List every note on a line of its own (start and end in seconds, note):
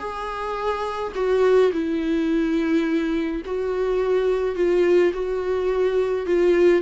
0.00 1.13 G#4
1.15 1.72 F#4
1.73 3.43 E4
3.46 4.56 F#4
4.56 5.13 F4
5.14 6.27 F#4
6.27 6.82 F4